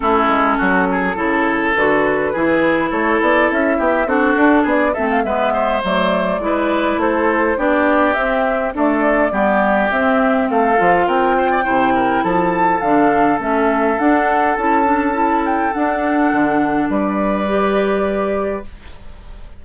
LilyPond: <<
  \new Staff \with { instrumentName = "flute" } { \time 4/4 \tempo 4 = 103 a'2. b'4~ | b'4 cis''8 d''8 e''4 a'4 | d''8 e''16 f''16 e''4 d''2 | c''4 d''4 e''4 d''4~ |
d''4 e''4 f''4 g''4~ | g''4 a''4 f''4 e''4 | fis''4 a''4. g''8 fis''4~ | fis''4 d''2. | }
  \new Staff \with { instrumentName = "oboe" } { \time 4/4 e'4 fis'8 gis'8 a'2 | gis'4 a'4. g'8 fis'4 | gis'8 a'8 b'8 c''4. b'4 | a'4 g'2 a'4 |
g'2 a'4 ais'8 c''16 d''16 | c''8 ais'8 a'2.~ | a'1~ | a'4 b'2. | }
  \new Staff \with { instrumentName = "clarinet" } { \time 4/4 cis'2 e'4 fis'4 | e'2. d'4~ | d'8 c'8 b4 a4 e'4~ | e'4 d'4 c'4 a4 |
b4 c'4. f'4. | e'2 d'4 cis'4 | d'4 e'8 d'8 e'4 d'4~ | d'2 g'2 | }
  \new Staff \with { instrumentName = "bassoon" } { \time 4/4 a8 gis8 fis4 cis4 d4 | e4 a8 b8 cis'8 b8 c'8 d'8 | b8 a8 gis4 fis4 gis4 | a4 b4 c'4 d'4 |
g4 c'4 a8 f8 c'4 | c4 f4 d4 a4 | d'4 cis'2 d'4 | d4 g2. | }
>>